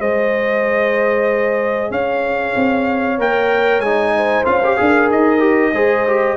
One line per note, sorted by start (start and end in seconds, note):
0.00 1.91 G#3
0.00 3.20 G#4
0.00 1.91 C5
0.00 1.92 D#5
1.91 2.55 C#4
1.91 4.15 C#5
1.91 3.20 F5
2.56 3.18 C4
3.18 3.80 A#3
3.18 3.83 A#4
3.18 3.81 G5
3.80 4.44 G#3
3.80 4.45 D#4
3.80 4.45 G#5
4.16 4.80 C5
4.45 4.78 C#4
4.45 4.61 F4
4.45 5.10 F5
4.64 4.77 G4
4.77 5.10 D4
4.77 5.40 G#4
4.77 5.74 A#4
5.10 5.74 D#4
5.10 6.37 D#5
5.40 5.72 G4
5.74 6.37 G#3
5.74 6.07 G#4
5.74 6.37 C5
6.08 6.37 G4